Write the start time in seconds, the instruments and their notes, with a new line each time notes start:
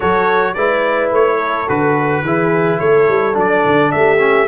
0.00 tuba F#3, trombone F#4, horn A4, trumpet C#5
0.54 tuba G#3, trombone E4, horn B4, trumpet D5
1.12 tuba A3, trumpet C#5
1.36 horn A4
1.67 tuba D3, trombone F#4, trumpet B4
2.22 tuba E3, trombone E4, horn G#4
2.79 tuba A3, horn A4, trumpet C#5
3.08 tuba G3
3.33 tuba F#3, trombone D4
3.39 trumpet D5
3.65 tuba D3
3.91 tuba A3, horn G4, trumpet E5
4.19 trombone C#4